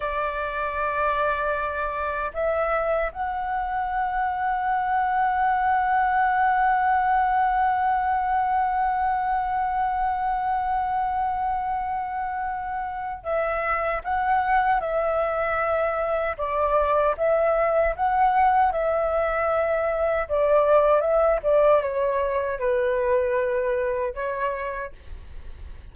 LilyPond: \new Staff \with { instrumentName = "flute" } { \time 4/4 \tempo 4 = 77 d''2. e''4 | fis''1~ | fis''1~ | fis''1~ |
fis''4 e''4 fis''4 e''4~ | e''4 d''4 e''4 fis''4 | e''2 d''4 e''8 d''8 | cis''4 b'2 cis''4 | }